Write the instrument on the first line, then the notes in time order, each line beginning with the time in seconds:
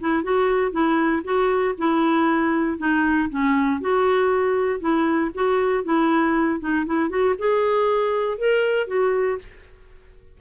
clarinet
0.00 E4
0.23 F#4
0.71 E4
1.24 F#4
1.78 E4
2.78 D#4
3.30 C#4
3.81 F#4
4.80 E4
5.35 F#4
5.84 E4
6.60 D#4
6.86 E4
7.10 F#4
7.38 G#4
8.38 A#4
8.87 F#4